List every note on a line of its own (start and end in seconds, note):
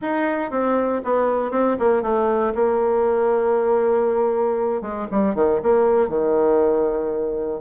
0.01 0.50 D#4
0.50 1.01 C4
1.04 1.51 B3
1.51 1.76 C4
1.79 2.02 A#3
2.02 2.53 A3
2.54 4.81 A#3
4.81 5.07 G#3
5.11 5.34 G3
5.34 5.60 D#3
5.62 6.08 A#3
6.08 7.60 D#3